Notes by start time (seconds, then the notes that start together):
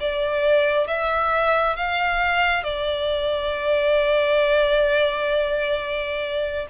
0.00 D5
0.87 E5
1.76 F5
2.64 D5